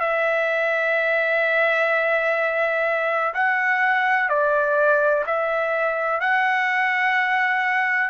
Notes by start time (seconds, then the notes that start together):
0.00 E5
3.34 F#5
4.29 D5
5.26 E5
6.20 F#5